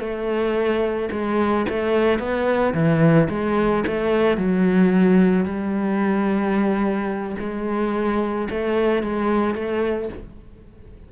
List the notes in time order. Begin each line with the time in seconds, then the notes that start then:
0.00 A3
1.12 G#3
1.69 A3
2.19 B3
2.74 E3
3.30 G#3
3.87 A3
4.38 F#3
5.45 G3
7.39 G#3
8.50 A3
9.03 G#3
9.55 A3